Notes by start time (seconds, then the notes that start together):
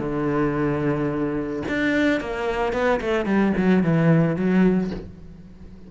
0.00 D3
1.69 D4
2.21 A#3
2.73 B3
3.01 A3
3.26 G3
3.58 F#3
3.84 E3
4.37 F#3